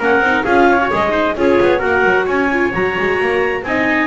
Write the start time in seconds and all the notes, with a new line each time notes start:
0.00 A#3 C#4 A#4 F#5
0.20 C4 D#4
0.45 C#4 F4 G#4 F5
0.71 C#5
0.82 F#4
0.92 G#3 G#4 D#5
1.10 D#4 C5
1.36 C#4 F4 G#4 C#5
1.62 B3
1.79 A#3 F#4 A#4 F#5
2.05 F#3
2.26 C#4 C#5 G#5
2.53 F4
2.73 F#3 F#4 A#5
2.99 G#3
3.21 A#3
3.63 C4 D#4 D#5 G#5